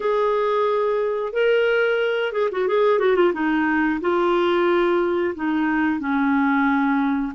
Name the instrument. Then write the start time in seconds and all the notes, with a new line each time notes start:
clarinet
0.00 G#4
1.32 A#4
2.32 G#4
2.51 F#4
2.68 G#4
2.99 F#4
3.15 F4
3.33 D#4
4.01 F4
5.35 D#4
5.99 C#4